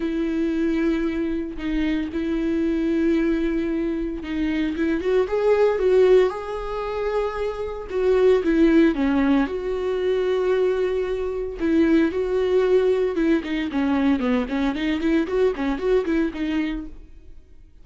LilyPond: \new Staff \with { instrumentName = "viola" } { \time 4/4 \tempo 4 = 114 e'2. dis'4 | e'1 | dis'4 e'8 fis'8 gis'4 fis'4 | gis'2. fis'4 |
e'4 cis'4 fis'2~ | fis'2 e'4 fis'4~ | fis'4 e'8 dis'8 cis'4 b8 cis'8 | dis'8 e'8 fis'8 cis'8 fis'8 e'8 dis'4 | }